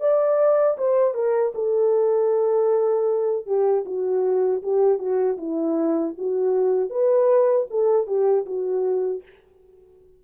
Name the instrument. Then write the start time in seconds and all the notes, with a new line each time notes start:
horn
0.00 D5
0.78 C5
1.14 A#4
1.55 A4
3.46 G4
3.86 F#4
4.63 G4
4.99 F#4
5.38 E4
6.18 F#4
6.90 B4
7.71 A4
8.07 G4
8.46 F#4